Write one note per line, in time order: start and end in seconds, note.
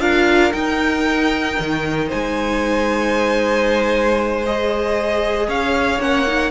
0.00 0.52 D4
0.00 0.52 F4
0.00 2.08 A#4
0.00 0.52 F5
0.52 4.44 D#4
0.52 1.58 D#4
0.52 2.09 G5
1.59 2.12 D#3
2.08 5.48 G#3
2.08 5.47 C5
2.08 4.46 G#5
4.46 6.00 G#4
4.46 5.50 D#5
5.48 5.99 C#4
5.48 6.51 C#5
5.48 6.02 F5
5.99 6.51 A#3
5.99 6.26 C#4
5.99 6.51 F#5
6.27 6.51 D#4